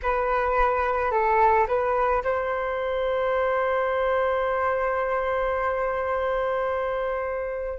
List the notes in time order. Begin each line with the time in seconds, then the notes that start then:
0.02 B4
1.11 A4
1.67 B4
2.23 C5